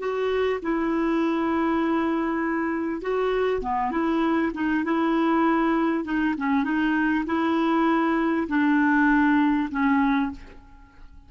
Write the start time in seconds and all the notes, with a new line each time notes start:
0.00 F#4
0.63 E4
3.02 F#4
3.62 B3
3.92 E4
4.55 D#4
4.85 E4
6.05 D#4
6.38 C#4
6.64 D#4
7.26 E4
8.48 D4
9.71 C#4